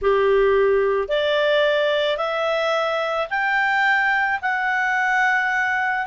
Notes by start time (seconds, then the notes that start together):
0.01 G4
1.08 D5
2.17 E5
3.30 G5
4.41 F#5